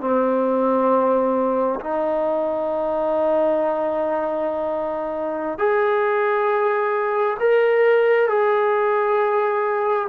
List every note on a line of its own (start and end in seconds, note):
0.00 1.79 C4
1.80 5.58 D#4
5.58 7.37 G#4
7.39 8.28 A#4
8.28 10.07 G#4